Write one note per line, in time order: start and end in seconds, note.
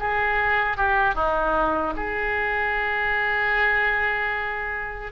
0.00 0.78 G#4
0.78 1.15 G4
1.15 1.94 D#4
1.97 5.12 G#4